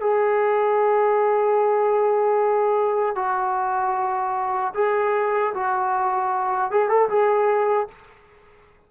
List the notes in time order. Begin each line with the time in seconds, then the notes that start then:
0.00 G#4
3.15 F#4
4.74 G#4
5.54 F#4
6.71 G#4
6.89 A4
7.09 G#4